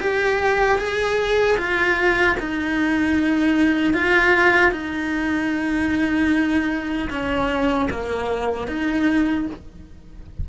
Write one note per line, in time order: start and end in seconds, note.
0.00 0.78 G4
0.78 1.57 G#4
1.57 2.36 F4
2.39 3.93 D#4
3.93 4.72 F4
4.72 7.08 D#4
7.10 7.89 C#4
7.90 8.68 A#3
8.68 9.47 D#4